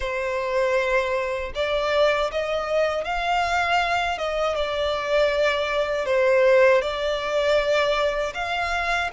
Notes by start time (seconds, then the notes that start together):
0.00 C5
1.54 D5
2.31 D#5
3.04 F5
4.18 D#5
4.55 D5
6.05 C5
6.81 D5
8.34 F5